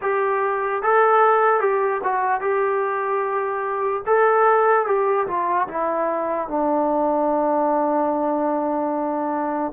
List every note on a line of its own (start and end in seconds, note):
0.01 0.82 G4
0.82 1.60 A4
1.60 2.00 G4
2.03 2.40 F#4
2.40 4.02 G4
4.06 4.86 A4
4.86 5.26 G4
5.27 5.67 F4
5.68 6.48 E4
6.48 9.72 D4